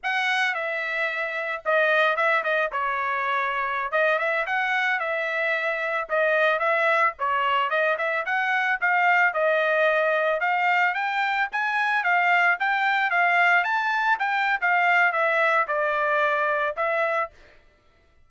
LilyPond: \new Staff \with { instrumentName = "trumpet" } { \time 4/4 \tempo 4 = 111 fis''4 e''2 dis''4 | e''8 dis''8 cis''2~ cis''16 dis''8 e''16~ | e''16 fis''4 e''2 dis''8.~ | dis''16 e''4 cis''4 dis''8 e''8 fis''8.~ |
fis''16 f''4 dis''2 f''8.~ | f''16 g''4 gis''4 f''4 g''8.~ | g''16 f''4 a''4 g''8. f''4 | e''4 d''2 e''4 | }